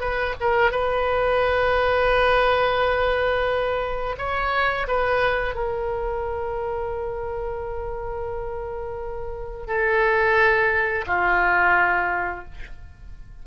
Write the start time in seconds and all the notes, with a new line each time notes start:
0.00 B4
0.40 A#4
0.71 B4
4.18 C#5
4.87 B4
5.55 A#4
9.67 A4
11.07 F4